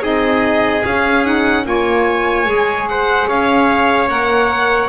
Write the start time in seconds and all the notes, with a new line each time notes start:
0.00 C4 D#4 G#4 D#5
0.85 C#4 F5
1.26 D#4 F#5
1.65 A#3 F4 C#5 G#5
2.46 G#3 G#4
2.89 C5 F#5
3.28 C#4 C#5 F5
4.09 A#3 A#4 F#5